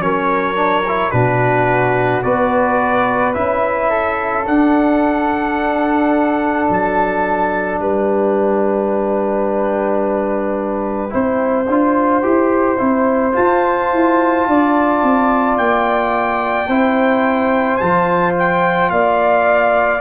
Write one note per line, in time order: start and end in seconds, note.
0.00 1.11 F#3
0.00 0.55 C#4
0.00 1.13 A#4
0.00 1.11 C#5
0.55 0.83 D4
0.88 1.12 E4
1.11 2.24 B2
1.11 2.23 D4
1.11 2.24 F#4
1.11 2.22 B4
2.22 3.35 B3
2.22 3.34 F#4
2.22 3.90 B4
2.22 3.34 D5
3.34 4.47 C#4
3.34 4.46 E4
3.34 4.45 E5
3.90 7.79 A4
4.47 6.69 D4
4.47 11.10 D4
4.47 6.69 F#5
6.69 7.79 F#3
6.69 7.81 A5
7.79 11.12 G3
7.79 11.13 B4
7.79 13.35 G5
11.10 11.68 C4
11.10 11.66 E4
11.10 14.47 C5
11.68 12.23 D4
11.68 12.23 F4
12.23 12.80 E4
12.23 12.78 G4
12.78 13.36 C4
12.78 13.33 E4
13.33 16.66 F4
13.33 13.93 F4
13.33 15.58 A5
13.93 14.47 E4
14.47 15.03 D4
14.47 16.68 D5
15.03 15.58 C4
15.58 16.68 A#3
15.58 17.77 G5
16.68 17.79 C4
16.68 17.81 E4
16.68 18.91 C5
17.77 18.91 F3
17.77 20.01 F4
17.77 18.32 A5
18.39 18.90 G5
18.90 20.01 A#3
18.90 20.01 D5
18.90 20.01 F5